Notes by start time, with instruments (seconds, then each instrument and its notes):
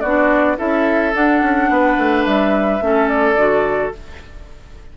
0.00 bassoon B3, clarinet D4, oboe F#4, flute D5
0.57 bassoon C#4, clarinet E4, oboe A4, flute E5
1.13 clarinet D4, bassoon D4, flute F#5
1.42 bassoon C#4
1.69 bassoon B3, oboe B4
1.97 bassoon A3
2.25 bassoon G3, flute E5
2.80 bassoon A3, clarinet C#4, oboe A4
3.08 flute D5
3.35 bassoon D3, clarinet F#4